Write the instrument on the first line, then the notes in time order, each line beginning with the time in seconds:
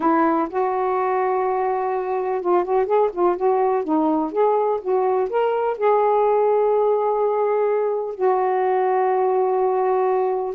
saxophone
0.00 E4
0.49 F#4
2.41 F4
2.64 F#4
2.86 G#4
3.12 F4
3.36 F#4
3.84 D#4
4.32 G#4
4.81 F#4
5.29 A#4
5.77 G#4
8.14 F#4